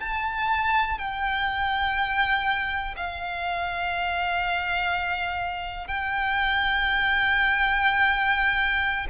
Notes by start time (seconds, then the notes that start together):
0.00 A5
0.99 G5
2.97 F5
5.88 G5